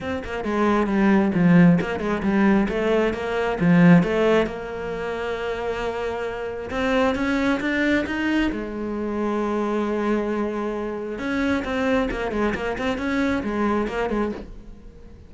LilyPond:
\new Staff \with { instrumentName = "cello" } { \time 4/4 \tempo 4 = 134 c'8 ais8 gis4 g4 f4 | ais8 gis8 g4 a4 ais4 | f4 a4 ais2~ | ais2. c'4 |
cis'4 d'4 dis'4 gis4~ | gis1~ | gis4 cis'4 c'4 ais8 gis8 | ais8 c'8 cis'4 gis4 ais8 gis8 | }